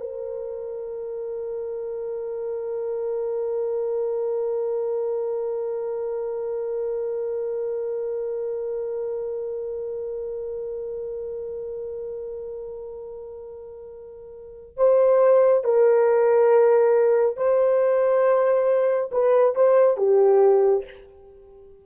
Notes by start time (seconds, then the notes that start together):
0.00 A#4
14.77 C5
15.64 A#4
17.37 C5
19.12 B4
19.56 C5
19.98 G4